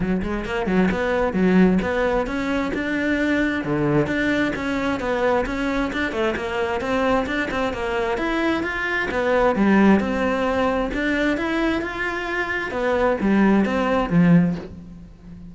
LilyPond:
\new Staff \with { instrumentName = "cello" } { \time 4/4 \tempo 4 = 132 fis8 gis8 ais8 fis8 b4 fis4 | b4 cis'4 d'2 | d4 d'4 cis'4 b4 | cis'4 d'8 a8 ais4 c'4 |
d'8 c'8 ais4 e'4 f'4 | b4 g4 c'2 | d'4 e'4 f'2 | b4 g4 c'4 f4 | }